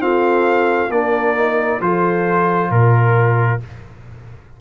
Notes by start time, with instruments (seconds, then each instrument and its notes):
0.00 trombone C4, tuba F4, horn A4, trumpet F5
0.90 tuba A#3, trombone D4, horn A#4, trumpet D5
1.37 trombone D#4
1.81 tuba F3, trombone F4, horn A4, trumpet C5
2.71 tuba A#2, horn A#4, trumpet A#4